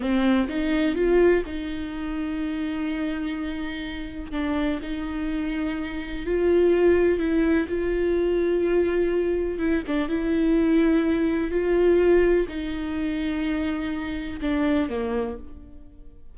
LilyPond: \new Staff \with { instrumentName = "viola" } { \time 4/4 \tempo 4 = 125 c'4 dis'4 f'4 dis'4~ | dis'1~ | dis'4 d'4 dis'2~ | dis'4 f'2 e'4 |
f'1 | e'8 d'8 e'2. | f'2 dis'2~ | dis'2 d'4 ais4 | }